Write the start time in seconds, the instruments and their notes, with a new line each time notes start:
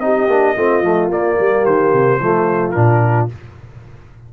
0.00 tuba C4, trombone D#4, horn G4, trumpet D#5
0.27 tuba A#3, trombone D4
0.56 tuba A3, trombone C4, horn F4
0.82 tuba F3, trombone A3
1.09 tuba A#3, trombone A#3, trumpet D5
1.39 tuba G3, horn G4
1.66 tuba D#3, trumpet C5
1.94 tuba C3
2.20 tuba F3, trombone A3, horn F4
2.72 tuba A#2, trombone D4, trumpet A#4